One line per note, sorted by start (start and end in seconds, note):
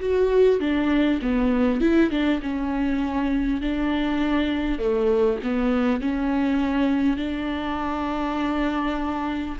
0.00 0.59 F#4
0.59 1.19 D4
1.22 1.81 B3
1.81 2.10 E4
2.10 2.40 D4
2.42 3.61 C#4
3.61 4.78 D4
4.78 5.38 A3
5.43 6.00 B3
6.00 7.17 C#4
7.17 9.57 D4